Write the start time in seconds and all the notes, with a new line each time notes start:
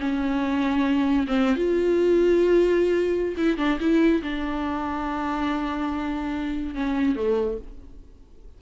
0.00 C#4
1.28 C4
1.56 F4
3.37 E4
3.58 D4
3.80 E4
4.23 D4
6.75 C#4
7.16 A3